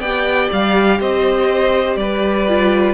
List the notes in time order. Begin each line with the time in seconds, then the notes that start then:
0.00 B3 G4 D5 G5
0.52 G3 F5
1.00 C4 C5 D#5
1.96 G3 B4 D5
2.49 F4